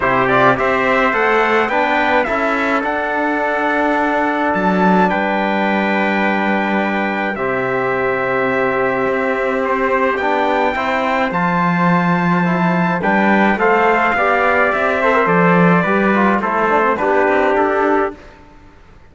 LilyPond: <<
  \new Staff \with { instrumentName = "trumpet" } { \time 4/4 \tempo 4 = 106 c''8 d''8 e''4 fis''4 g''4 | e''4 fis''2. | a''4 g''2.~ | g''4 e''2.~ |
e''4 c''4 g''2 | a''2. g''4 | f''2 e''4 d''4~ | d''4 c''4 b'4 a'4 | }
  \new Staff \with { instrumentName = "trumpet" } { \time 4/4 g'4 c''2 b'4 | a'1~ | a'4 b'2.~ | b'4 g'2.~ |
g'2. c''4~ | c''2. b'4 | c''4 d''4. c''4. | b'4 a'4 g'2 | }
  \new Staff \with { instrumentName = "trombone" } { \time 4/4 e'8 f'8 g'4 a'4 d'4 | e'4 d'2.~ | d'1~ | d'4 c'2.~ |
c'2 d'4 e'4 | f'2 e'4 d'4 | a'4 g'4. a'16 ais'16 a'4 | g'8 f'8 e'8 d'16 c'16 d'2 | }
  \new Staff \with { instrumentName = "cello" } { \time 4/4 c4 c'4 a4 b4 | cis'4 d'2. | fis4 g2.~ | g4 c2. |
c'2 b4 c'4 | f2. g4 | a4 b4 c'4 f4 | g4 a4 b8 c'8 d'4 | }
>>